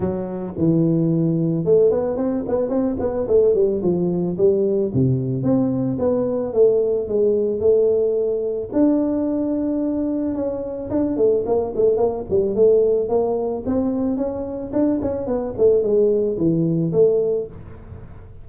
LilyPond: \new Staff \with { instrumentName = "tuba" } { \time 4/4 \tempo 4 = 110 fis4 e2 a8 b8 | c'8 b8 c'8 b8 a8 g8 f4 | g4 c4 c'4 b4 | a4 gis4 a2 |
d'2. cis'4 | d'8 a8 ais8 a8 ais8 g8 a4 | ais4 c'4 cis'4 d'8 cis'8 | b8 a8 gis4 e4 a4 | }